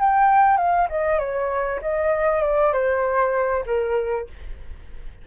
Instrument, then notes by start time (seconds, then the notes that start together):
flute
0.00 G5
0.57 F5
0.89 D#5
1.19 C#5
1.82 D#5
2.42 D5
2.73 C5
3.66 A#4